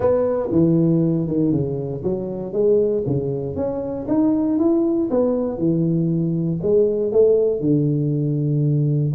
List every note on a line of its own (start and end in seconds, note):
0.00 0.49 B3
0.51 1.27 E3
1.27 1.51 D#3
1.51 2.02 C#3
2.03 2.53 F#3
2.53 3.03 G#3
3.06 3.55 C#3
3.55 4.06 C#4
4.07 4.58 D#4
4.59 5.09 E4
5.10 5.58 B3
5.58 6.59 E3
6.62 7.12 G#3
7.12 7.60 A3
7.60 9.13 D3